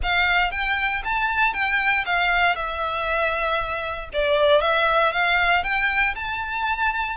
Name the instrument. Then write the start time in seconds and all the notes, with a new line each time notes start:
violin
0.02 F5
0.51 G5
1.04 A5
1.53 G5
2.05 F5
2.55 E5
4.13 D5
4.61 E5
5.12 F5
5.63 G5
6.15 A5